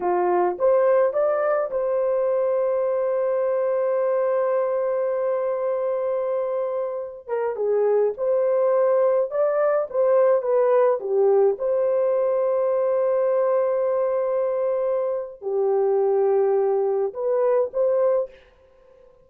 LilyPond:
\new Staff \with { instrumentName = "horn" } { \time 4/4 \tempo 4 = 105 f'4 c''4 d''4 c''4~ | c''1~ | c''1~ | c''8. ais'8 gis'4 c''4.~ c''16~ |
c''16 d''4 c''4 b'4 g'8.~ | g'16 c''2.~ c''8.~ | c''2. g'4~ | g'2 b'4 c''4 | }